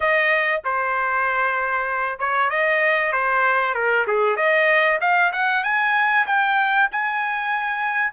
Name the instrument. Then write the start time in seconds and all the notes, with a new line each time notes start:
trumpet
0.00 D#5
0.64 C5
2.19 C#5
2.49 D#5
3.12 C5
3.74 A#4
4.07 G#4
4.36 D#5
5.00 F5
5.32 F#5
5.63 G#5
6.26 G5
6.91 G#5